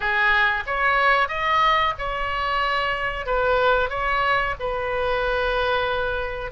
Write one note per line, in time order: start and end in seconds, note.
0.00 0.63 G#4
0.66 1.28 C#5
1.28 1.93 D#5
1.98 3.25 C#5
3.25 3.89 B4
3.89 4.54 C#5
4.59 6.51 B4